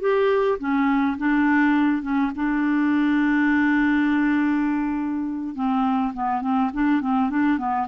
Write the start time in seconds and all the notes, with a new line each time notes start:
0.00 G4
0.59 C#4
1.18 D4
2.02 C#4
2.35 D4
5.55 C4
6.14 B3
6.42 C4
6.73 D4
7.01 C4
7.30 D4
7.58 B3